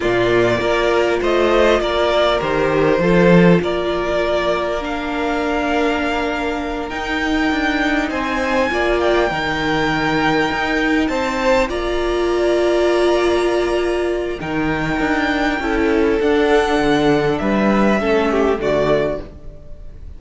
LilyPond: <<
  \new Staff \with { instrumentName = "violin" } { \time 4/4 \tempo 4 = 100 d''2 dis''4 d''4 | c''2 d''2 | f''2.~ f''8 g''8~ | g''4. gis''4. g''4~ |
g''2~ g''8 a''4 ais''8~ | ais''1 | g''2. fis''4~ | fis''4 e''2 d''4 | }
  \new Staff \with { instrumentName = "violin" } { \time 4/4 f'4 ais'4 c''4 ais'4~ | ais'4 a'4 ais'2~ | ais'1~ | ais'4. c''4 d''4 ais'8~ |
ais'2~ ais'8 c''4 d''8~ | d''1 | ais'2 a'2~ | a'4 b'4 a'8 g'8 fis'4 | }
  \new Staff \with { instrumentName = "viola" } { \time 4/4 ais4 f'2. | g'4 f'2. | d'2.~ d'8 dis'8~ | dis'2~ dis'8 f'4 dis'8~ |
dis'2.~ dis'8 f'8~ | f'1 | dis'2 e'4 d'4~ | d'2 cis'4 a4 | }
  \new Staff \with { instrumentName = "cello" } { \time 4/4 ais,4 ais4 a4 ais4 | dis4 f4 ais2~ | ais2.~ ais8 dis'8~ | dis'8 d'4 c'4 ais4 dis8~ |
dis4. dis'4 c'4 ais8~ | ais1 | dis4 d'4 cis'4 d'4 | d4 g4 a4 d4 | }
>>